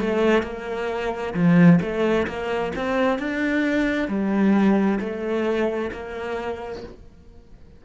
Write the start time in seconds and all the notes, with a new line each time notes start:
0.00 A3
0.43 A#3
1.34 F3
1.81 A3
2.27 A#3
2.75 C4
3.19 D4
4.08 G3
5.00 A3
5.92 A#3